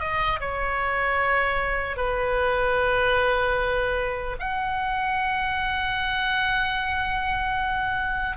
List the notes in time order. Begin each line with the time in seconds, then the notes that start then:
0.00 D#5
0.41 C#5
1.97 B4
4.40 F#5